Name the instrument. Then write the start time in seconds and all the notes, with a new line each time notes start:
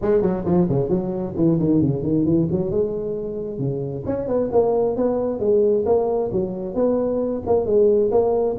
tuba
0.01 G#3
0.21 F#3
0.45 F3
0.69 C#3
0.89 F#3
1.36 E3
1.59 D#3
1.81 C#3
2.02 D#3
2.25 E3
2.51 F#3
2.70 G#3
3.58 C#3
4.06 C#4
4.27 B3
4.52 A#3
4.96 B3
5.39 G#3
5.85 A#3
6.32 F#3
6.74 B3
7.46 A#3
7.65 G#3
8.11 A#3